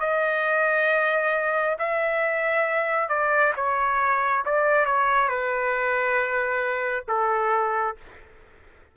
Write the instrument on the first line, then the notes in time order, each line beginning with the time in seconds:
trumpet
0.00 D#5
1.78 E5
3.09 D5
3.56 C#5
4.45 D5
4.85 C#5
5.28 B4
7.08 A4